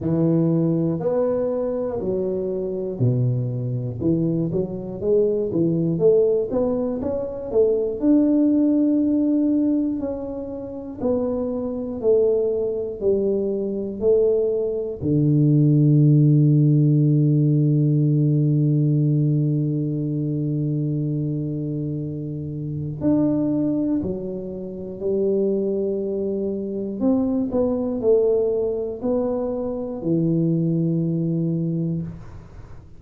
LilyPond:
\new Staff \with { instrumentName = "tuba" } { \time 4/4 \tempo 4 = 60 e4 b4 fis4 b,4 | e8 fis8 gis8 e8 a8 b8 cis'8 a8 | d'2 cis'4 b4 | a4 g4 a4 d4~ |
d1~ | d2. d'4 | fis4 g2 c'8 b8 | a4 b4 e2 | }